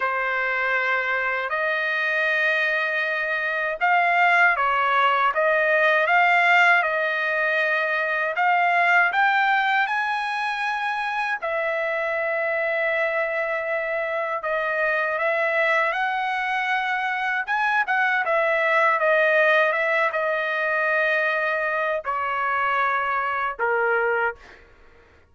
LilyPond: \new Staff \with { instrumentName = "trumpet" } { \time 4/4 \tempo 4 = 79 c''2 dis''2~ | dis''4 f''4 cis''4 dis''4 | f''4 dis''2 f''4 | g''4 gis''2 e''4~ |
e''2. dis''4 | e''4 fis''2 gis''8 fis''8 | e''4 dis''4 e''8 dis''4.~ | dis''4 cis''2 ais'4 | }